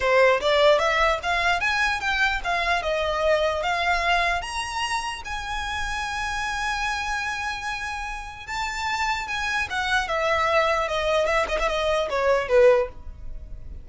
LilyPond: \new Staff \with { instrumentName = "violin" } { \time 4/4 \tempo 4 = 149 c''4 d''4 e''4 f''4 | gis''4 g''4 f''4 dis''4~ | dis''4 f''2 ais''4~ | ais''4 gis''2.~ |
gis''1~ | gis''4 a''2 gis''4 | fis''4 e''2 dis''4 | e''8 dis''16 e''16 dis''4 cis''4 b'4 | }